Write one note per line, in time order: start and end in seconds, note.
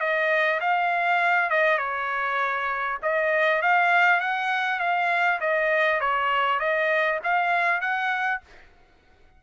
0.00 0.60 D#5
0.60 1.50 F5
1.50 1.78 D#5
1.78 2.98 C#5
3.02 3.62 D#5
3.62 4.20 F5
4.20 4.79 F#5
4.79 5.39 F5
5.40 6.00 D#5
6.00 6.59 C#5
6.59 7.19 D#5
7.24 7.81 F5
7.81 8.41 F#5